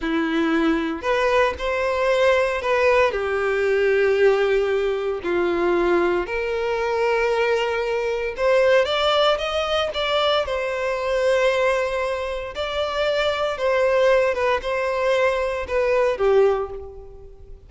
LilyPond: \new Staff \with { instrumentName = "violin" } { \time 4/4 \tempo 4 = 115 e'2 b'4 c''4~ | c''4 b'4 g'2~ | g'2 f'2 | ais'1 |
c''4 d''4 dis''4 d''4 | c''1 | d''2 c''4. b'8 | c''2 b'4 g'4 | }